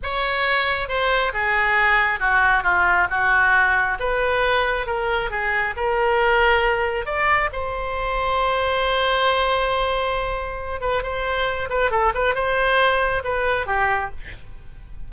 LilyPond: \new Staff \with { instrumentName = "oboe" } { \time 4/4 \tempo 4 = 136 cis''2 c''4 gis'4~ | gis'4 fis'4 f'4 fis'4~ | fis'4 b'2 ais'4 | gis'4 ais'2. |
d''4 c''2.~ | c''1~ | c''8 b'8 c''4. b'8 a'8 b'8 | c''2 b'4 g'4 | }